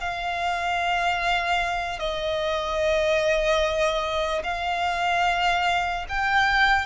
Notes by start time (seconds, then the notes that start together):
0.00 F5
1.99 D#5
4.43 F5
6.08 G5